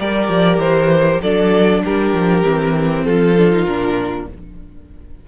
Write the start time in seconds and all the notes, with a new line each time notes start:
0.00 G3 G4 A#4 D5
0.29 F3
0.58 E3 C5
1.22 F#3 D4 A4 D5
1.84 G3 G4 A#4
2.14 F3
2.43 E3 C4
3.04 F3 F4 A4
3.39 D4
3.52 D#4
3.66 A#2 D4 A#4